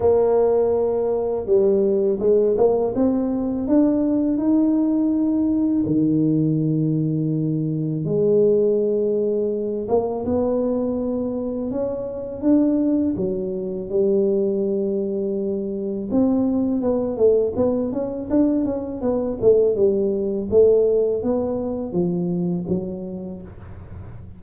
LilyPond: \new Staff \with { instrumentName = "tuba" } { \time 4/4 \tempo 4 = 82 ais2 g4 gis8 ais8 | c'4 d'4 dis'2 | dis2. gis4~ | gis4. ais8 b2 |
cis'4 d'4 fis4 g4~ | g2 c'4 b8 a8 | b8 cis'8 d'8 cis'8 b8 a8 g4 | a4 b4 f4 fis4 | }